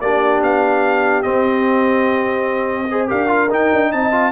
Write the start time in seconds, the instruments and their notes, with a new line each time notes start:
0.00 tuba A#3, trombone D4, horn G4, trumpet D5
0.42 tuba B3, trumpet F5
1.22 trombone C4, tuba C4, trumpet D#5
2.90 trombone G#4, horn C5
3.08 tuba D4, trombone G4, horn A#4, trumpet F5
3.28 trombone F4
3.50 trombone D#4, tuba D#4, trumpet G5
3.72 tuba D4
3.92 tuba C4, horn D#5, trumpet A5
4.11 trombone F4